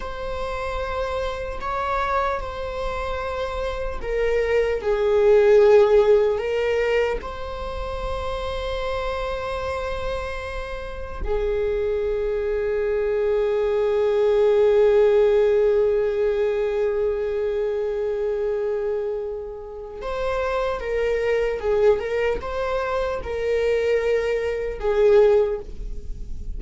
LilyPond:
\new Staff \with { instrumentName = "viola" } { \time 4/4 \tempo 4 = 75 c''2 cis''4 c''4~ | c''4 ais'4 gis'2 | ais'4 c''2.~ | c''2 gis'2~ |
gis'1~ | gis'1~ | gis'4 c''4 ais'4 gis'8 ais'8 | c''4 ais'2 gis'4 | }